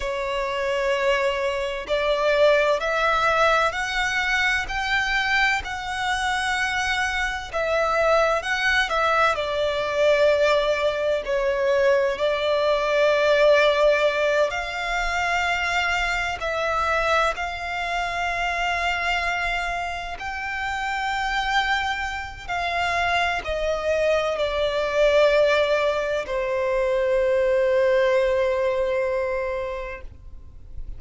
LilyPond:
\new Staff \with { instrumentName = "violin" } { \time 4/4 \tempo 4 = 64 cis''2 d''4 e''4 | fis''4 g''4 fis''2 | e''4 fis''8 e''8 d''2 | cis''4 d''2~ d''8 f''8~ |
f''4. e''4 f''4.~ | f''4. g''2~ g''8 | f''4 dis''4 d''2 | c''1 | }